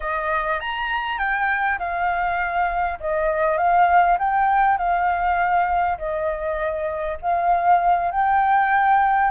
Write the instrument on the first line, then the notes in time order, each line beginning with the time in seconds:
flute
0.00 D#5
0.59 A#5
1.18 G5
1.78 F5
3.00 D#5
3.57 F5
4.18 G5
4.77 F5
5.98 D#5
7.21 F5
8.11 G5